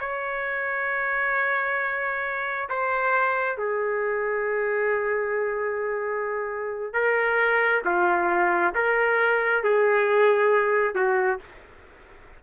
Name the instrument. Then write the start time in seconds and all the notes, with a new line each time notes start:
trumpet
0.00 C#5
2.69 C5
3.57 G#4
6.93 A#4
7.84 F4
8.75 A#4
9.63 G#4
10.95 F#4